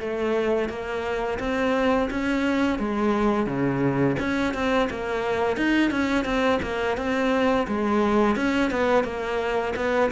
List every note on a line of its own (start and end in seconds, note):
0.00 0.69 A3
0.69 1.39 A#3
1.39 2.09 C4
2.10 2.78 C#4
2.78 3.46 G#3
3.46 4.16 C#3
4.19 4.54 C#4
4.54 4.89 C4
4.90 5.57 A#3
5.57 5.91 D#4
5.91 6.25 C#4
6.25 6.60 C4
6.62 6.97 A#3
6.97 7.67 C4
7.68 8.36 G#3
8.36 8.71 C#4
8.71 9.04 B3
9.04 9.74 A#3
9.76 10.11 B3